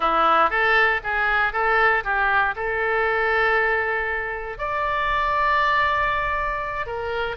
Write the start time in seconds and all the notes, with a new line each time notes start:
0.00 E4
0.50 A4
1.03 G#4
1.53 A4
2.04 G4
2.56 A4
4.58 D5
6.86 A#4